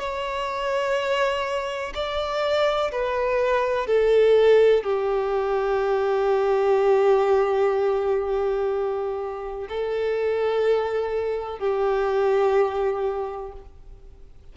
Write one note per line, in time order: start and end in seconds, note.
0.00 1.94 C#5
1.95 2.92 D5
2.92 3.88 B4
3.88 4.84 A4
4.84 9.68 G4
9.70 11.60 A4
11.60 13.53 G4